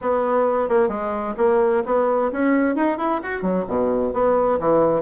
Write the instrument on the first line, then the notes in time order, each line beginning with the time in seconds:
bassoon
0.01 B3
0.68 A#3
0.88 G#3
1.37 A#3
1.85 B3
2.32 C#4
2.75 D#4
2.97 E4
3.22 F#4
3.42 F#3
3.67 B2
4.13 B3
4.59 E3